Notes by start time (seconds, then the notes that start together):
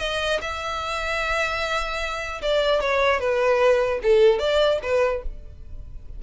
0.00 D#5
0.42 E5
2.42 D5
2.81 C#5
3.20 B4
4.03 A4
4.39 D5
4.83 B4